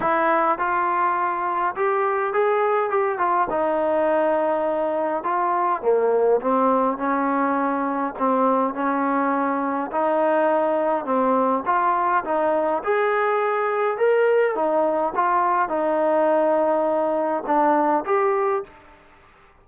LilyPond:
\new Staff \with { instrumentName = "trombone" } { \time 4/4 \tempo 4 = 103 e'4 f'2 g'4 | gis'4 g'8 f'8 dis'2~ | dis'4 f'4 ais4 c'4 | cis'2 c'4 cis'4~ |
cis'4 dis'2 c'4 | f'4 dis'4 gis'2 | ais'4 dis'4 f'4 dis'4~ | dis'2 d'4 g'4 | }